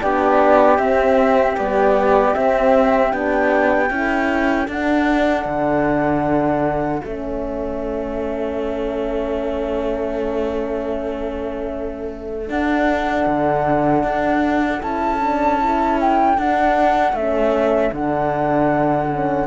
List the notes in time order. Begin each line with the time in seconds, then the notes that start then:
0.00 B3 D4 G4 D5
0.78 C4 E5
1.57 G3 B3 D5
2.32 C4 E5
3.09 B3 D4 G5
3.89 C#4 E4 A4
4.68 D4 F#5
5.45 D3
7.02 A3 C#4 E5
12.46 D4 F#5
13.26 D3
14.03 D4
14.80 C#4 E4 A5
15.20 D4
15.59 E4
16.00 G5
16.37 D4 F#5
17.12 A3 C#4 E5
17.92 D3 D4 F#5
19.10 C#4